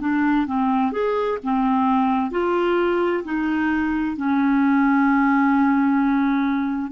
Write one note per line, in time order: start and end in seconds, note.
0.00 0.46 D4
0.47 0.92 C4
0.92 1.38 G#4
1.43 2.31 C4
2.31 3.23 F4
3.24 4.16 D#4
4.16 6.91 C#4